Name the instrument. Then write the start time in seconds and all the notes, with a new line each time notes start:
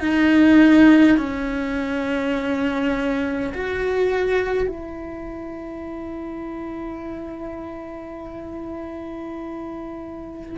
cello
0.00 D#4
1.18 C#4
3.55 F#4
4.68 E4